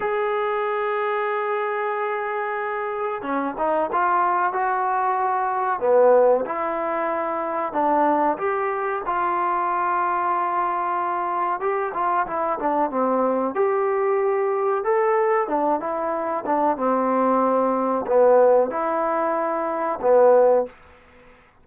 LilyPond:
\new Staff \with { instrumentName = "trombone" } { \time 4/4 \tempo 4 = 93 gis'1~ | gis'4 cis'8 dis'8 f'4 fis'4~ | fis'4 b4 e'2 | d'4 g'4 f'2~ |
f'2 g'8 f'8 e'8 d'8 | c'4 g'2 a'4 | d'8 e'4 d'8 c'2 | b4 e'2 b4 | }